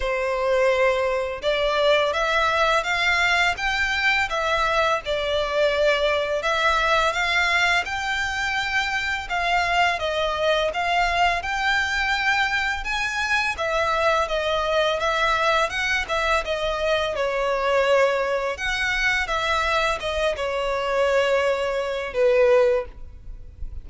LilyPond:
\new Staff \with { instrumentName = "violin" } { \time 4/4 \tempo 4 = 84 c''2 d''4 e''4 | f''4 g''4 e''4 d''4~ | d''4 e''4 f''4 g''4~ | g''4 f''4 dis''4 f''4 |
g''2 gis''4 e''4 | dis''4 e''4 fis''8 e''8 dis''4 | cis''2 fis''4 e''4 | dis''8 cis''2~ cis''8 b'4 | }